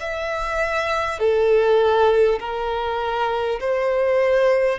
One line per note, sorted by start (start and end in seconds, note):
0.00 1.19 E5
1.19 2.39 A4
2.39 3.59 A#4
3.60 4.79 C5